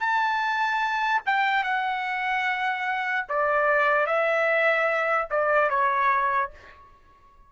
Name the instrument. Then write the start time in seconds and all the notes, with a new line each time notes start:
trumpet
0.00 A5
1.26 G5
1.64 F#5
3.29 D5
4.06 E5
5.30 D5
5.69 C#5